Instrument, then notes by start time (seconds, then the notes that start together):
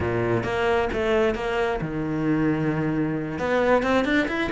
cello
0.00 A#2
0.43 A#3
0.92 A3
1.34 A#3
1.81 D#3
3.38 B3
3.82 C4
4.04 D4
4.28 E4